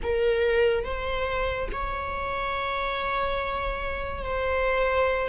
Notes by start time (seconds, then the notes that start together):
0.02 A#4
0.84 C5
1.72 C#5
4.24 C5